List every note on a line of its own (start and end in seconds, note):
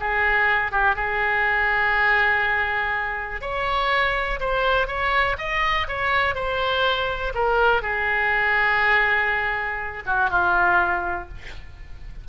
0.00 0.72 G#4
0.72 0.95 G4
0.95 3.41 G#4
3.41 4.40 C#5
4.40 4.87 C5
4.87 5.37 C#5
5.38 5.87 D#5
5.88 6.35 C#5
6.35 7.33 C5
7.34 7.82 A#4
7.82 10.04 G#4
10.06 10.30 F#4
10.30 11.28 F4